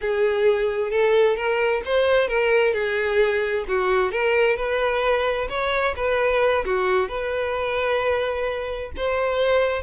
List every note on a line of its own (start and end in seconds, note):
0.01 0.90 G#4
0.90 1.36 A4
1.36 1.82 A#4
1.85 2.28 C5
2.28 2.73 A#4
2.73 3.65 G#4
3.67 4.11 F#4
4.11 4.56 A#4
4.56 5.47 B4
5.49 5.94 C#5
5.96 6.64 B4
6.65 7.08 F#4
7.08 8.91 B4
8.96 9.82 C5